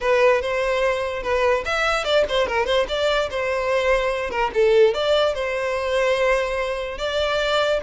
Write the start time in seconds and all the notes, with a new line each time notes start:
0.01 B4
0.41 C5
1.22 B4
1.65 E5
2.04 D5
2.28 C5
2.47 A#4
2.66 C5
2.88 D5
3.30 C5
4.30 A#4
4.54 A4
4.93 D5
5.34 C5
6.98 D5